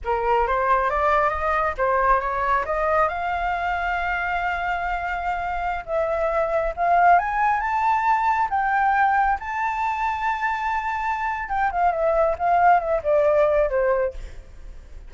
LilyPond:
\new Staff \with { instrumentName = "flute" } { \time 4/4 \tempo 4 = 136 ais'4 c''4 d''4 dis''4 | c''4 cis''4 dis''4 f''4~ | f''1~ | f''4~ f''16 e''2 f''8.~ |
f''16 gis''4 a''2 g''8.~ | g''4~ g''16 a''2~ a''8.~ | a''2 g''8 f''8 e''4 | f''4 e''8 d''4. c''4 | }